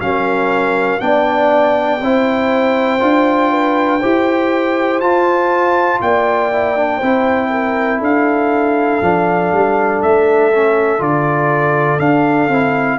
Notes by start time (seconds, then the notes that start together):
0.00 F#3 C#4 A#4 F5
1.00 B3 D4 D5 G5
2.01 C4 E4 C5
3.00 D4 F4
3.52 B4
4.01 E4 G4 C5
5.01 F4 A5
6.01 A#3 D5 G5
6.52 E4
6.76 D4
6.98 C4 E4 C5
7.50 A#4
7.99 D4 A4 F5
9.02 F3 D4
9.53 G3
10.03 A3 E5
10.55 C#4
10.99 D3 F4 D5
11.99 D4 F5
12.48 C4 E4